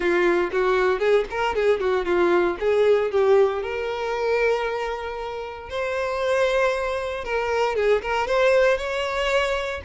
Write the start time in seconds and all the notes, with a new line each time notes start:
0.00 F4
0.51 F#4
0.99 G#4
1.30 A#4
1.55 G#4
1.80 F#4
2.05 F4
2.59 G#4
3.11 G4
3.62 A#4
5.69 C5
7.24 A#4
7.75 G#4
8.01 A#4
8.27 C5
8.77 C#5